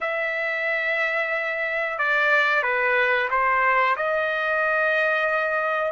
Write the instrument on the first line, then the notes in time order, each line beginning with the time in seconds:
trumpet
0.00 E5
1.98 D5
2.63 B4
3.30 C5
3.96 D#5